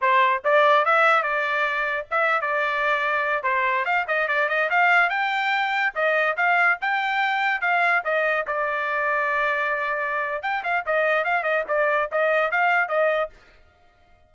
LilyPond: \new Staff \with { instrumentName = "trumpet" } { \time 4/4 \tempo 4 = 144 c''4 d''4 e''4 d''4~ | d''4 e''8. d''2~ d''16~ | d''16 c''4 f''8 dis''8 d''8 dis''8 f''8.~ | f''16 g''2 dis''4 f''8.~ |
f''16 g''2 f''4 dis''8.~ | dis''16 d''2.~ d''8.~ | d''4 g''8 f''8 dis''4 f''8 dis''8 | d''4 dis''4 f''4 dis''4 | }